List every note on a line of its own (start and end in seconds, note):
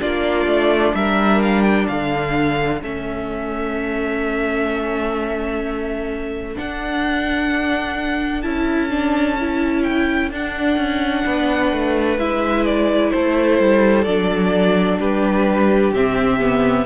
0.00 0.46 A#3
0.00 2.81 D4
0.00 0.95 F4
0.00 0.95 D5
0.46 0.93 A3
0.94 1.88 G3
0.94 1.88 A#4
0.94 1.41 E5
1.42 1.62 F5
1.62 1.86 G5
1.88 2.82 D3
1.88 11.25 A4
1.88 2.81 F5
2.82 6.57 A3
2.82 6.55 C#4
2.82 6.57 E5
6.55 8.43 D4
6.55 8.45 D4
6.55 8.42 F#5
8.42 10.31 C#4
8.42 8.90 E4
8.42 9.82 A5
8.90 9.37 D4
9.40 10.32 E4
9.83 10.29 G5
10.31 10.77 D4
10.31 12.19 D4
10.31 12.19 F#5
10.77 11.24 C#4
11.25 11.72 B3
11.25 13.13 B4
11.72 12.18 A3
12.18 13.12 G#3
12.18 14.06 E4
12.18 12.65 E5
12.65 13.11 D5
13.11 13.60 A3
13.11 14.99 A4
13.11 14.04 C5
13.60 14.06 G3
14.04 14.99 F#3
14.04 15.94 D4
14.04 14.98 D5
14.99 15.92 G3
14.99 16.86 G4
14.99 15.94 B4
15.92 16.86 C3
15.92 16.40 C4
15.92 16.86 E5
16.40 16.86 B3